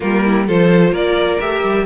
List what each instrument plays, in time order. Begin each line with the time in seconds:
0.00 cello G3, viola A#3, violin F4 A#4
0.24 violin E4
0.46 cello F3, viola F4, violin A4 C5
0.91 cello A#3, violin A#4 D5
1.40 cello A3, viola G4, violin E5
1.62 cello G3